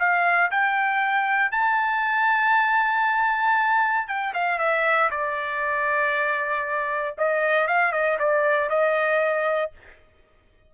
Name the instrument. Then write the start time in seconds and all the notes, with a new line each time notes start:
trumpet
0.00 F5
0.52 G5
1.52 A5
4.08 G5
4.34 F5
4.59 E5
5.11 D5
7.18 D#5
7.68 F5
7.93 D#5
8.20 D5
8.70 D#5